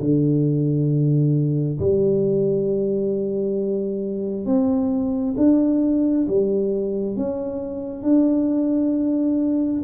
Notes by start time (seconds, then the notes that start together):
0.00 D3
1.80 G3
4.45 C4
5.37 D4
6.28 G3
7.16 C#4
8.03 D4